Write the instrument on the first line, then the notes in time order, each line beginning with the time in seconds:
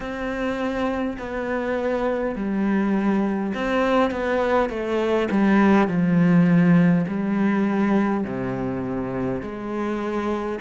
cello
0.00 C4
1.18 B3
2.35 G3
3.54 C4
4.10 B3
4.69 A3
5.30 G3
5.87 F3
7.07 G3
8.24 C3
9.41 G#3